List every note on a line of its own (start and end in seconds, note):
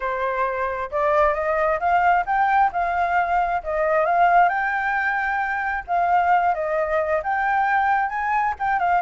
0.00 0.90 C5
0.91 1.34 D5
1.34 1.79 D#5
1.79 2.24 F5
2.26 2.71 G5
2.72 3.62 F5
3.63 4.05 D#5
4.05 4.49 F5
4.49 5.84 G5
5.87 6.54 F5
6.54 7.22 D#5
7.23 8.09 G5
8.09 8.54 G#5
8.59 8.79 G5
8.79 9.01 F5